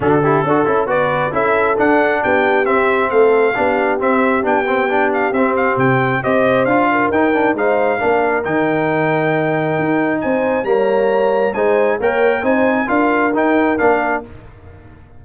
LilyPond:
<<
  \new Staff \with { instrumentName = "trumpet" } { \time 4/4 \tempo 4 = 135 a'2 d''4 e''4 | fis''4 g''4 e''4 f''4~ | f''4 e''4 g''4. f''8 | e''8 f''8 g''4 dis''4 f''4 |
g''4 f''2 g''4~ | g''2. gis''4 | ais''2 gis''4 g''4 | gis''4 f''4 g''4 f''4 | }
  \new Staff \with { instrumentName = "horn" } { \time 4/4 fis'8 g'8 a'4 b'4 a'4~ | a'4 g'2 a'4 | g'1~ | g'2 c''4. ais'8~ |
ais'4 c''4 ais'2~ | ais'2. c''4 | cis''2 c''4 cis''4 | c''4 ais'2. | }
  \new Staff \with { instrumentName = "trombone" } { \time 4/4 d'8 e'8 fis'8 e'8 fis'4 e'4 | d'2 c'2 | d'4 c'4 d'8 c'8 d'4 | c'2 g'4 f'4 |
dis'8 d'8 dis'4 d'4 dis'4~ | dis'1 | ais2 dis'4 ais'4 | dis'4 f'4 dis'4 d'4 | }
  \new Staff \with { instrumentName = "tuba" } { \time 4/4 d4 d'8 cis'8 b4 cis'4 | d'4 b4 c'4 a4 | b4 c'4 b2 | c'4 c4 c'4 d'4 |
dis'4 gis4 ais4 dis4~ | dis2 dis'4 c'4 | g2 gis4 ais4 | c'4 d'4 dis'4 ais4 | }
>>